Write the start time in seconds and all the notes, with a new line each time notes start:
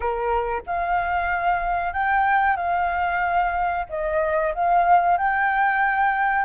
0.00 A#4
0.66 F5
1.93 G5
2.56 F5
3.89 D#5
4.54 F5
5.17 G5